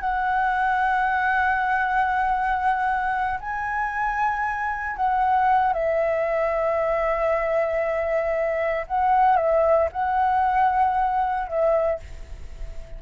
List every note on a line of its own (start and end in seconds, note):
0.00 3.39 F#5
3.39 4.96 G#5
4.96 5.72 F#5
5.72 8.86 E5
8.87 9.36 F#5
9.36 9.88 E5
9.92 11.47 F#5
11.47 11.99 E5